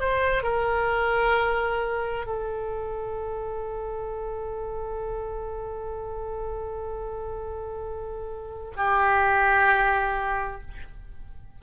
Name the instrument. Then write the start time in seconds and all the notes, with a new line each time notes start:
oboe
0.00 C5
0.43 A#4
2.26 A4
8.77 G4